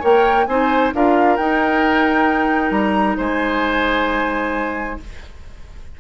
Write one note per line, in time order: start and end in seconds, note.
0.00 0.47 A#3
0.00 0.46 A#4
0.00 0.45 C#5
0.00 0.46 G5
0.46 0.92 C4
0.46 0.94 D#4
0.46 0.94 C5
0.46 0.91 G#5
0.94 1.38 D4
0.94 1.39 F4
0.94 3.17 A#4
0.94 1.36 F5
1.36 2.71 D#4
1.36 5.00 D#4
1.36 2.71 G5
2.71 3.16 G3
2.71 3.16 A#5
3.17 5.00 G#3
3.17 4.97 C5
3.17 5.00 G#5